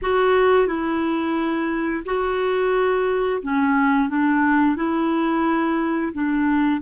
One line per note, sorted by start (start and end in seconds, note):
0.02 0.67 F#4
0.67 2.03 E4
2.05 3.42 F#4
3.42 4.09 C#4
4.09 4.76 D4
4.76 6.12 E4
6.13 6.81 D4